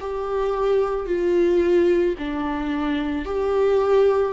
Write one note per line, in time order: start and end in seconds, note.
0.00 1.06 G4
1.06 2.15 F4
2.18 3.25 D4
3.25 4.32 G4